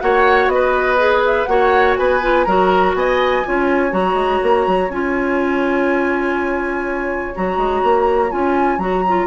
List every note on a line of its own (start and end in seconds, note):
0.00 0.47 A#3
0.00 0.97 F#4
0.00 0.52 C#5
0.00 0.48 F#5
0.47 1.45 B3
0.47 1.22 D#5
0.54 1.49 B4
0.97 1.46 G#4
1.26 1.45 E5
1.45 1.96 A#3
1.45 2.21 F#4
1.45 1.98 C#5
1.45 1.94 F#5
1.97 2.46 B3
1.97 2.46 B4
1.97 2.44 G#5
2.21 2.46 F4
2.44 2.94 F#3
2.44 3.44 F#4
2.44 2.95 A#4
2.44 2.93 A#5
2.94 3.43 B3
2.94 3.47 D#5
2.94 3.92 G#5
3.45 3.92 C#4
3.45 3.90 F4
3.45 9.27 C#5
3.90 4.14 F#3
3.90 4.88 F#4
3.90 4.90 A#5
4.14 4.38 G#3
4.43 4.66 A#3
4.66 4.89 F#3
4.89 7.33 C#4
4.89 7.35 F4
4.89 7.35 G#5
7.35 7.57 F#3
7.35 8.30 F#4
7.35 8.31 A#5
7.57 7.82 G#3
7.83 8.32 A#3
8.30 8.78 C#4
8.30 8.79 F4
8.30 8.79 G#5
8.78 9.26 F#3
8.78 9.04 F#4
8.78 9.27 A#5
9.08 9.27 F4